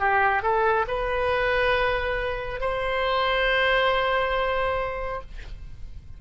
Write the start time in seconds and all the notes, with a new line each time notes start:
0.00 G4
0.43 A4
0.88 B4
2.61 C5